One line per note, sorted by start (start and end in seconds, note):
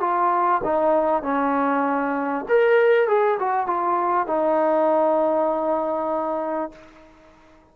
0.00 0.61 F4
0.64 1.22 D#4
1.22 2.45 C#4
2.48 3.07 A#4
3.07 3.38 G#4
3.39 3.67 F#4
3.67 4.27 F4
4.27 6.72 D#4